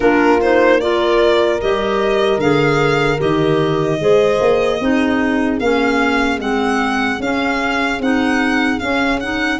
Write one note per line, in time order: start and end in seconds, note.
0.00 1.59 A#3
0.00 0.39 D4
0.00 0.81 F4
0.00 0.40 A#4
0.41 0.81 D#4
0.41 0.80 C5
0.80 1.60 F4
0.80 4.01 A#4
0.80 1.60 D5
1.60 2.37 G3
1.60 2.40 G4
1.60 2.40 D#5
2.37 3.17 D3
2.37 3.18 G#4
2.37 3.20 F5
3.18 4.00 D#3
3.18 3.98 G4
3.18 5.59 D#5
4.00 4.40 G#3
4.00 4.80 G#4
4.00 4.80 C5
4.40 4.80 A#3
4.80 5.59 C4
4.80 5.61 D#4
4.80 9.59 G#4
5.59 6.38 A#3
5.59 6.39 C#4
5.59 6.39 F5
6.38 7.18 G#3
6.38 7.19 C4
6.38 7.21 F#5
7.19 7.99 C#4
7.19 8.02 C#4
7.19 8.01 F5
7.99 8.79 C4
7.99 8.80 D#4
7.99 8.79 F#5
8.79 9.20 C#4
8.79 9.59 C#4
8.79 9.19 F5
9.20 9.59 D#4
9.20 9.59 F#5